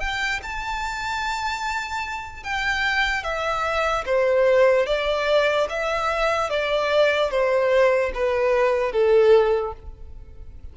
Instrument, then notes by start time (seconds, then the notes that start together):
violin
0.00 G5
0.42 A5
2.44 G5
3.23 E5
4.06 C5
4.86 D5
5.69 E5
6.50 D5
7.31 C5
8.14 B4
8.92 A4